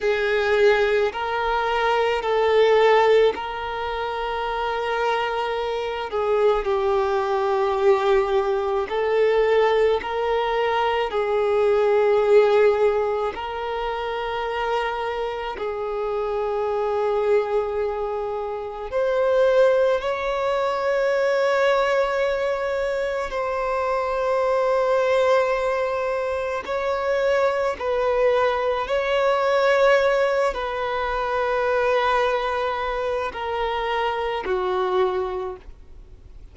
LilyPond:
\new Staff \with { instrumentName = "violin" } { \time 4/4 \tempo 4 = 54 gis'4 ais'4 a'4 ais'4~ | ais'4. gis'8 g'2 | a'4 ais'4 gis'2 | ais'2 gis'2~ |
gis'4 c''4 cis''2~ | cis''4 c''2. | cis''4 b'4 cis''4. b'8~ | b'2 ais'4 fis'4 | }